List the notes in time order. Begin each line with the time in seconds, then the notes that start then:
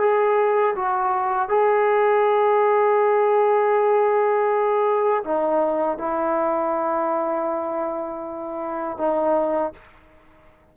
0.00 G#4
0.76 F#4
1.49 G#4
5.25 D#4
5.98 E4
8.98 D#4